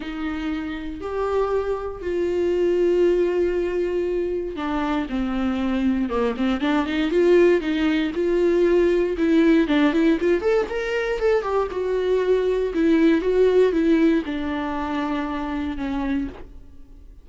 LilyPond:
\new Staff \with { instrumentName = "viola" } { \time 4/4 \tempo 4 = 118 dis'2 g'2 | f'1~ | f'4 d'4 c'2 | ais8 c'8 d'8 dis'8 f'4 dis'4 |
f'2 e'4 d'8 e'8 | f'8 a'8 ais'4 a'8 g'8 fis'4~ | fis'4 e'4 fis'4 e'4 | d'2. cis'4 | }